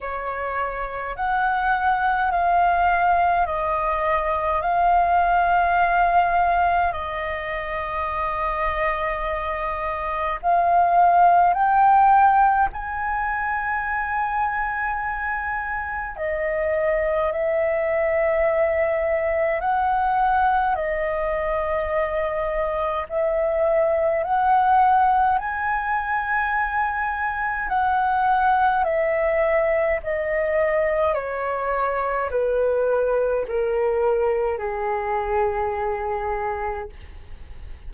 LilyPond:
\new Staff \with { instrumentName = "flute" } { \time 4/4 \tempo 4 = 52 cis''4 fis''4 f''4 dis''4 | f''2 dis''2~ | dis''4 f''4 g''4 gis''4~ | gis''2 dis''4 e''4~ |
e''4 fis''4 dis''2 | e''4 fis''4 gis''2 | fis''4 e''4 dis''4 cis''4 | b'4 ais'4 gis'2 | }